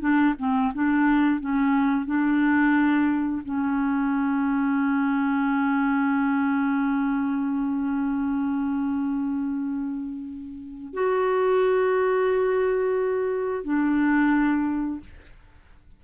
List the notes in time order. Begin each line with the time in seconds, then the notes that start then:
0.00 D4
0.38 C4
0.74 D4
1.40 C#4
2.06 D4
3.44 C#4
10.93 F#4
13.64 D4